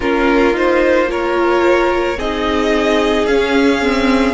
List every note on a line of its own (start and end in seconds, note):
0.00 2.17 A#3
0.00 0.53 C#4
0.00 1.09 F4
0.00 0.55 A#4
0.53 1.07 D#4
0.53 1.11 C5
1.07 2.16 F4
1.07 2.17 A#4
1.07 2.19 C#5
2.17 3.26 C4
2.17 3.28 D#4
2.17 4.33 G#4
2.17 3.26 D#5
3.26 4.33 C#4
3.26 3.81 C#4
3.26 4.33 F5
3.81 4.33 C4